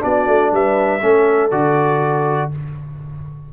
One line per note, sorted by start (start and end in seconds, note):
0.00 0.28 B3
0.00 1.00 D4
0.00 0.53 F#4
0.00 0.54 D5
0.28 0.53 A3
0.53 1.03 G3
0.53 1.03 B4
0.53 1.51 E5
1.02 1.52 A3
1.02 1.52 C#4
1.02 2.53 A4
1.51 2.52 D3
1.51 2.52 F#4
1.51 2.51 D5